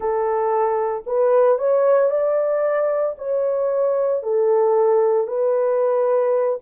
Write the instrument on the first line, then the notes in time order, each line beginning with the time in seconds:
horn
0.00 A4
1.06 B4
1.58 C#5
2.10 D5
3.18 C#5
4.22 A4
5.27 B4